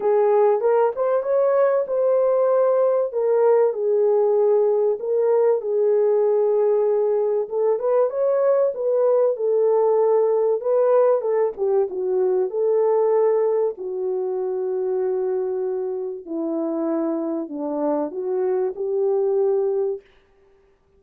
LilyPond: \new Staff \with { instrumentName = "horn" } { \time 4/4 \tempo 4 = 96 gis'4 ais'8 c''8 cis''4 c''4~ | c''4 ais'4 gis'2 | ais'4 gis'2. | a'8 b'8 cis''4 b'4 a'4~ |
a'4 b'4 a'8 g'8 fis'4 | a'2 fis'2~ | fis'2 e'2 | d'4 fis'4 g'2 | }